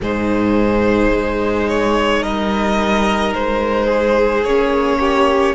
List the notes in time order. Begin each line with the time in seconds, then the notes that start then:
0.01 G#2 D#4 G#4 C5
1.12 G#3
1.68 C#5
2.22 G3 A#4 D#5
3.34 G#3 C5
3.86 G#4
4.44 A#3 C#4 C#5
4.99 G4